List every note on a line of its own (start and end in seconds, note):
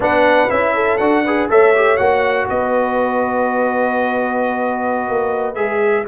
0.00 0.48 B3
0.00 0.49 D4
0.00 0.74 B4
0.00 0.49 F#5
0.49 0.99 C#4
0.49 0.99 E4
0.49 0.97 E5
0.74 1.24 A4
0.97 1.49 D4
0.97 1.24 F#4
0.97 1.47 F#5
1.24 1.49 G#4
1.24 1.49 B4
1.49 1.99 A3
1.49 1.74 A4
1.49 2.48 C#5
1.49 1.96 E5
1.75 1.98 G4
1.96 2.49 A#3
1.96 5.55 F#4
1.96 2.46 F#5
2.48 5.09 B3
2.48 6.07 B4
2.48 5.55 D#5
5.09 5.56 A#3
5.55 6.06 G#3
5.55 6.04 G#4
5.55 6.04 E5